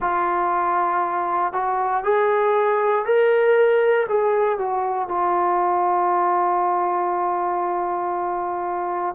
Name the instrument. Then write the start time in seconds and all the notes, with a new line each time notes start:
trombone
0.00 F4
1.53 F#4
2.03 G#4
3.05 A#4
4.09 G#4
4.58 F#4
5.08 F4